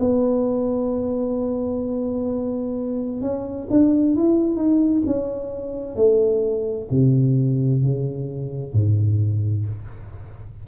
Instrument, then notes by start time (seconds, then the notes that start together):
tuba
0.00 B3
3.22 C#4
3.70 D4
4.16 E4
4.56 D#4
5.06 C#4
5.96 A3
6.91 C3
7.83 C#3
8.74 G#2